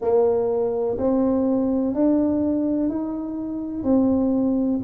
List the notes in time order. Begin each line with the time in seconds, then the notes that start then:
0.00 A#3
0.98 C4
1.94 D4
2.89 D#4
3.83 C4